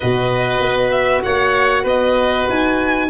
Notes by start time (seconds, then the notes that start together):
0.00 B2 F#4 B4 D#5
0.60 B3
0.90 E5
1.23 A#3 C#5 F#5
1.83 B3 B4 D#5
2.49 D#4 G#5